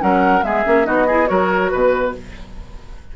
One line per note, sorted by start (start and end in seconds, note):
0.00 0.43 F#3
0.00 0.42 C#4
0.00 0.46 A#4
0.00 0.44 F#5
0.42 0.65 G#3
0.42 0.64 B3
0.42 0.87 G#4
0.42 0.86 E5
0.65 0.88 A#3
0.65 0.85 C#4
0.85 1.30 B3
0.85 1.06 D#4
0.85 1.08 F#4
0.85 1.28 D#5
1.08 1.27 E4
1.08 1.29 G#4
1.27 1.73 F#3
1.27 2.13 F#4
1.27 1.72 A#4
1.27 1.69 C#5
1.69 2.17 B2
1.69 2.12 B4
1.69 2.15 B4